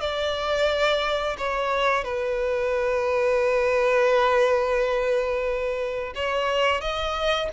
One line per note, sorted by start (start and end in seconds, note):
0.00 1.36 D5
1.37 2.04 C#5
2.04 6.13 B4
6.15 6.81 C#5
6.81 7.49 D#5